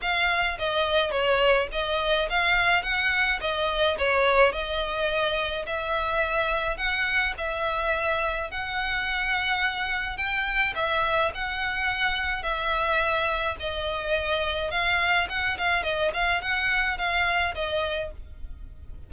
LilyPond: \new Staff \with { instrumentName = "violin" } { \time 4/4 \tempo 4 = 106 f''4 dis''4 cis''4 dis''4 | f''4 fis''4 dis''4 cis''4 | dis''2 e''2 | fis''4 e''2 fis''4~ |
fis''2 g''4 e''4 | fis''2 e''2 | dis''2 f''4 fis''8 f''8 | dis''8 f''8 fis''4 f''4 dis''4 | }